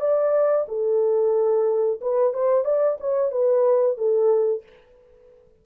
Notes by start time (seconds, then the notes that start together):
0.00 D5
0.68 A4
2.01 B4
2.33 C5
2.65 D5
3.00 C#5
3.31 B4
3.97 A4